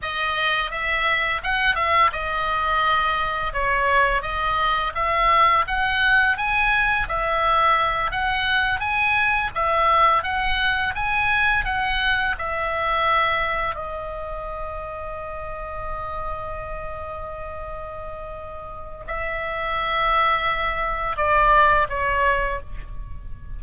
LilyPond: \new Staff \with { instrumentName = "oboe" } { \time 4/4 \tempo 4 = 85 dis''4 e''4 fis''8 e''8 dis''4~ | dis''4 cis''4 dis''4 e''4 | fis''4 gis''4 e''4. fis''8~ | fis''8 gis''4 e''4 fis''4 gis''8~ |
gis''8 fis''4 e''2 dis''8~ | dis''1~ | dis''2. e''4~ | e''2 d''4 cis''4 | }